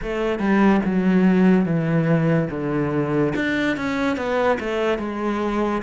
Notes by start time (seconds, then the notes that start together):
0.02 A3
0.39 G3
0.85 F#3
1.65 E3
2.50 D3
3.35 D4
3.77 C#4
4.17 B3
4.59 A3
4.98 G#3